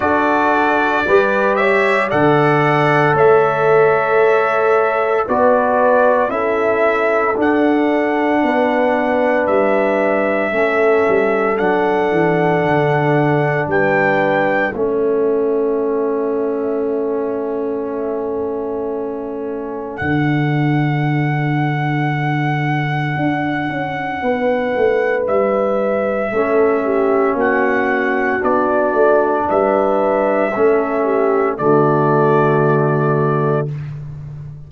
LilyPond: <<
  \new Staff \with { instrumentName = "trumpet" } { \time 4/4 \tempo 4 = 57 d''4. e''8 fis''4 e''4~ | e''4 d''4 e''4 fis''4~ | fis''4 e''2 fis''4~ | fis''4 g''4 e''2~ |
e''2. fis''4~ | fis''1 | e''2 fis''4 d''4 | e''2 d''2 | }
  \new Staff \with { instrumentName = "horn" } { \time 4/4 a'4 b'8 cis''8 d''4 cis''4~ | cis''4 b'4 a'2 | b'2 a'2~ | a'4 b'4 a'2~ |
a'1~ | a'2. b'4~ | b'4 a'8 g'8 fis'2 | b'4 a'8 g'8 fis'2 | }
  \new Staff \with { instrumentName = "trombone" } { \time 4/4 fis'4 g'4 a'2~ | a'4 fis'4 e'4 d'4~ | d'2 cis'4 d'4~ | d'2 cis'2~ |
cis'2. d'4~ | d'1~ | d'4 cis'2 d'4~ | d'4 cis'4 a2 | }
  \new Staff \with { instrumentName = "tuba" } { \time 4/4 d'4 g4 d4 a4~ | a4 b4 cis'4 d'4 | b4 g4 a8 g8 fis8 e8 | d4 g4 a2~ |
a2. d4~ | d2 d'8 cis'8 b8 a8 | g4 a4 ais4 b8 a8 | g4 a4 d2 | }
>>